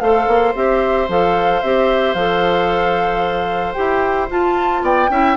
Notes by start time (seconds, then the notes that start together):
0.00 A3 A4 C5 F5
0.27 A#3
0.55 C4 G4 E5
1.08 F3 A4 F5
1.62 C4 G4 E5
2.14 F3 A4 F5
3.73 E4 G4 G5
4.29 F4 A5
4.82 B3 D5 G5
5.09 C#4 E4 E5